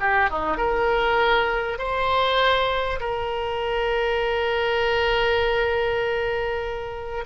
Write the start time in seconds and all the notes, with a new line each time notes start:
0.00 G4
0.30 D#4
0.57 A#4
1.78 C5
3.00 A#4